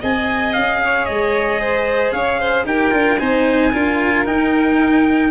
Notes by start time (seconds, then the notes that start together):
0.00 C4 G#4 D#5 G#5
0.53 C#4 F5
0.84 C#5
1.05 G#3 D#5
1.61 C5
2.12 C#4 C#5 F5
2.39 C5
2.65 D#4 G4 A#4 G5
2.90 D4 F4
3.18 C4 D#4 C5 G#5
3.73 D4 F4 A#4
4.25 D#4 G5